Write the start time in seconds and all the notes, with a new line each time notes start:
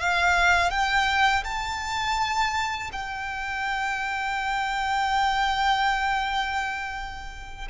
0.00 F5
0.71 G5
1.44 A5
2.93 G5